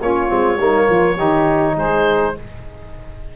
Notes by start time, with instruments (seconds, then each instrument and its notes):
0.00 tuba A#3, trombone C#4, saxophone F4, oboe C#5
0.28 tuba G#3, trombone C4
0.57 tuba G3, trombone A#3, saxophone D#4
0.88 tuba F3, saxophone F4
1.15 tuba D#3, trombone D#4, saxophone G4
1.76 tuba G#3, saxophone G#4, oboe C5